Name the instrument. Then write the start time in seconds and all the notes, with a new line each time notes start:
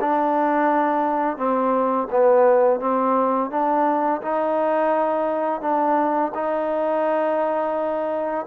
trombone
0.00 D4
1.37 C4
2.10 B3
2.79 C4
3.50 D4
4.21 D#4
5.61 D4
6.34 D#4